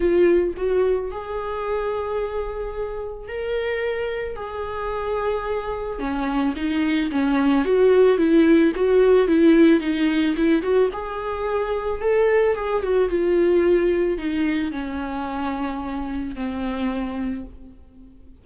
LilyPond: \new Staff \with { instrumentName = "viola" } { \time 4/4 \tempo 4 = 110 f'4 fis'4 gis'2~ | gis'2 ais'2 | gis'2. cis'4 | dis'4 cis'4 fis'4 e'4 |
fis'4 e'4 dis'4 e'8 fis'8 | gis'2 a'4 gis'8 fis'8 | f'2 dis'4 cis'4~ | cis'2 c'2 | }